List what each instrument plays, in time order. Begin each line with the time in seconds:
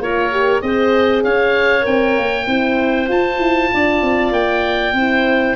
0.00 tuba A#3, horn F4, clarinet A#4, oboe C#5
0.32 horn G4
0.62 tuba C4, horn G#4, clarinet C5, oboe D#5
1.24 tuba C#4, clarinet C#5, oboe F5
1.82 tuba C4, horn A#4, oboe G5
2.18 tuba A#3
2.47 tuba C4, horn E4, clarinet C5
3.09 tuba F4, horn F4, oboe A5
3.39 tuba E4
3.74 tuba D4, clarinet D5
4.02 tuba C4
4.32 tuba A#3, oboe G5
4.93 tuba C4, horn E4, clarinet C5